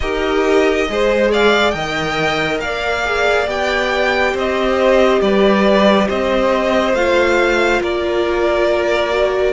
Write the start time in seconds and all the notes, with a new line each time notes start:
0.00 D#4 G4 A#4 D#5
0.88 G#3 G#4 C5
1.31 D5 F5
1.70 D#3 A#4 D#5 G5
2.60 A#3 D5 F5
3.04 G#4
3.46 B3 G4 G5
4.33 C4 C5 D#5
5.21 G3 B4 D5
6.07 C4 C5 D#5
6.93 A3 F4 F5
7.81 A#3 A#4 D5
9.10 F#4